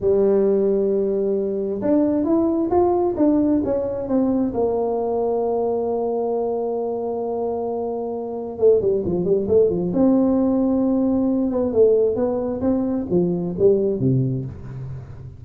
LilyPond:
\new Staff \with { instrumentName = "tuba" } { \time 4/4 \tempo 4 = 133 g1 | d'4 e'4 f'4 d'4 | cis'4 c'4 ais2~ | ais1~ |
ais2. a8 g8 | f8 g8 a8 f8 c'2~ | c'4. b8 a4 b4 | c'4 f4 g4 c4 | }